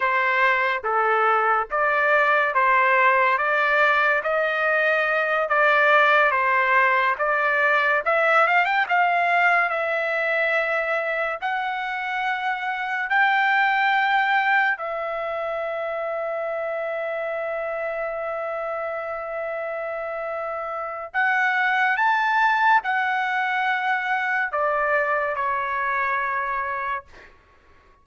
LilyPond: \new Staff \with { instrumentName = "trumpet" } { \time 4/4 \tempo 4 = 71 c''4 a'4 d''4 c''4 | d''4 dis''4. d''4 c''8~ | c''8 d''4 e''8 f''16 g''16 f''4 e''8~ | e''4. fis''2 g''8~ |
g''4. e''2~ e''8~ | e''1~ | e''4 fis''4 a''4 fis''4~ | fis''4 d''4 cis''2 | }